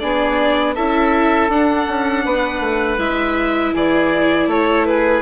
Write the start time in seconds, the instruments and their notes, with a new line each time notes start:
0.00 bassoon B3, viola D4, oboe G#4, violin D5
0.75 bassoon C#4, viola E4, oboe A4, violin E5
1.49 bassoon D4, viola D4, violin F#5
1.89 bassoon C#4
2.25 bassoon B3, oboe B4
2.60 bassoon A3
2.98 bassoon G#3, viola E4, violin E5
3.74 bassoon E3, oboe G#4, violin D5
4.47 bassoon A3, oboe A4, violin C#5
4.86 oboe G#4, violin B4